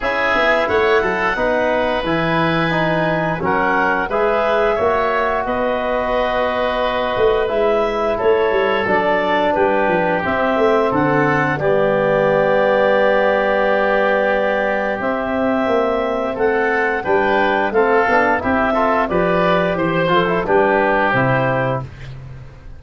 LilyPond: <<
  \new Staff \with { instrumentName = "clarinet" } { \time 4/4 \tempo 4 = 88 e''4 fis''2 gis''4~ | gis''4 fis''4 e''2 | dis''2. e''4 | cis''4 d''4 b'4 e''4 |
fis''4 d''2.~ | d''2 e''2 | fis''4 g''4 f''4 e''4 | d''4 c''8 a'8 b'4 c''4 | }
  \new Staff \with { instrumentName = "oboe" } { \time 4/4 gis'4 cis''8 a'8 b'2~ | b'4 ais'4 b'4 cis''4 | b'1 | a'2 g'2 |
a'4 g'2.~ | g'1 | a'4 b'4 a'4 g'8 a'8 | b'4 c''4 g'2 | }
  \new Staff \with { instrumentName = "trombone" } { \time 4/4 e'2 dis'4 e'4 | dis'4 cis'4 gis'4 fis'4~ | fis'2. e'4~ | e'4 d'2 c'4~ |
c'4 b2.~ | b2 c'2~ | c'4 d'4 c'8 d'8 e'8 f'8 | g'4. f'16 e'16 d'4 e'4 | }
  \new Staff \with { instrumentName = "tuba" } { \time 4/4 cis'8 b8 a8 fis8 b4 e4~ | e4 fis4 gis4 ais4 | b2~ b8 a8 gis4 | a8 g8 fis4 g8 f8 c'8 a8 |
d4 g2.~ | g2 c'4 ais4 | a4 g4 a8 b8 c'4 | f4 e8 f8 g4 c4 | }
>>